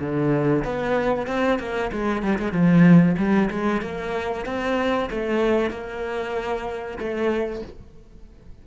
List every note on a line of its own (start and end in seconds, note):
0.00 0.64 D3
0.64 1.27 B3
1.27 1.59 C4
1.59 1.91 A#3
1.92 2.22 G#3
2.22 2.38 G3
2.38 2.52 G#3
2.52 3.16 F3
3.17 3.49 G3
3.50 3.82 G#3
3.82 4.45 A#3
4.46 5.09 C4
5.10 5.70 A3
5.70 6.98 A#3
6.98 7.62 A3